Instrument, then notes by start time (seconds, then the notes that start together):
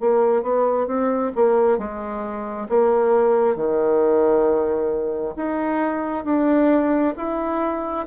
bassoon
0.00 A#3
0.42 B3
0.87 C4
1.35 A#3
1.78 G#3
2.69 A#3
3.55 D#3
5.36 D#4
6.24 D4
7.16 E4